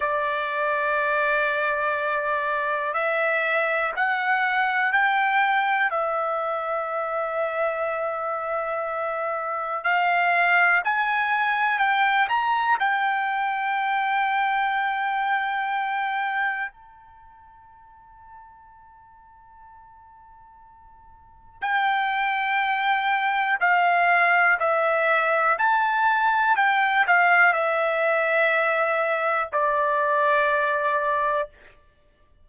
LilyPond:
\new Staff \with { instrumentName = "trumpet" } { \time 4/4 \tempo 4 = 61 d''2. e''4 | fis''4 g''4 e''2~ | e''2 f''4 gis''4 | g''8 ais''8 g''2.~ |
g''4 a''2.~ | a''2 g''2 | f''4 e''4 a''4 g''8 f''8 | e''2 d''2 | }